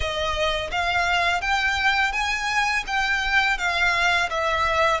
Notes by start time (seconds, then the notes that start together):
0.00 D#5
0.71 F5
1.41 G5
2.12 G#5
2.86 G5
3.57 F5
4.30 E5